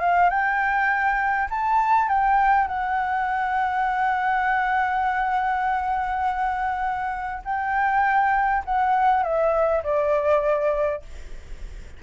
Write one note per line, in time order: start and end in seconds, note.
0.00 0.30 F5
0.30 1.49 G5
1.50 2.08 A5
2.08 2.67 G5
2.67 7.42 F#5
7.44 8.63 G5
8.65 9.23 F#5
9.23 9.82 E5
9.83 11.02 D5